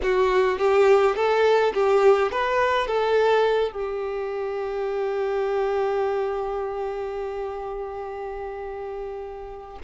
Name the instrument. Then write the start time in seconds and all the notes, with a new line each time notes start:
violin
0.02 F#4
0.58 G4
1.15 A4
1.74 G4
2.31 B4
2.87 A4
3.72 G4